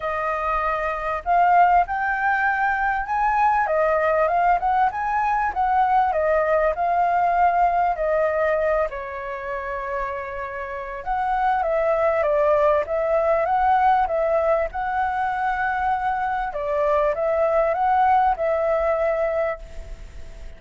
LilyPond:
\new Staff \with { instrumentName = "flute" } { \time 4/4 \tempo 4 = 98 dis''2 f''4 g''4~ | g''4 gis''4 dis''4 f''8 fis''8 | gis''4 fis''4 dis''4 f''4~ | f''4 dis''4. cis''4.~ |
cis''2 fis''4 e''4 | d''4 e''4 fis''4 e''4 | fis''2. d''4 | e''4 fis''4 e''2 | }